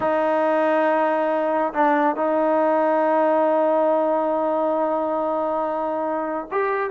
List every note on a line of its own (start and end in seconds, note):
0.00 1.73 D#4
1.73 2.15 D4
2.15 6.47 D#4
6.51 6.90 G4